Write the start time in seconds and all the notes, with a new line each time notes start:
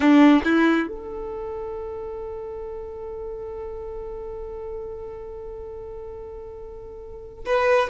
0.00 D4
0.44 E4
0.88 A4
7.45 B4